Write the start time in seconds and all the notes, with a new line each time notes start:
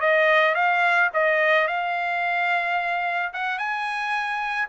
0.00 D#5
0.55 F5
1.13 D#5
1.67 F5
3.33 F#5
3.58 G#5